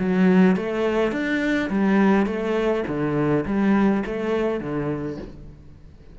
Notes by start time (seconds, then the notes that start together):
0.00 F#3
0.57 A3
1.12 D4
1.70 G3
2.27 A3
2.88 D3
3.46 G3
4.06 A3
4.60 D3